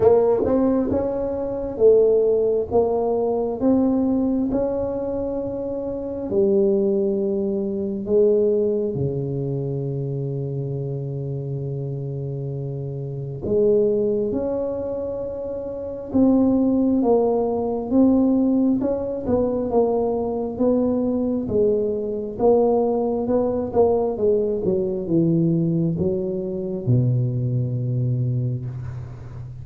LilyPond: \new Staff \with { instrumentName = "tuba" } { \time 4/4 \tempo 4 = 67 ais8 c'8 cis'4 a4 ais4 | c'4 cis'2 g4~ | g4 gis4 cis2~ | cis2. gis4 |
cis'2 c'4 ais4 | c'4 cis'8 b8 ais4 b4 | gis4 ais4 b8 ais8 gis8 fis8 | e4 fis4 b,2 | }